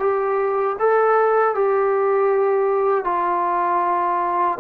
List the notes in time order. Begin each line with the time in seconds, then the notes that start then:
0.00 G4
0.80 A4
1.55 G4
3.05 F4